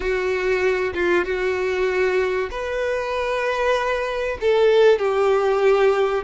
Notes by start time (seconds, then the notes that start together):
0.00 F#4
0.94 F4
1.24 F#4
2.50 B4
4.41 A4
4.98 G4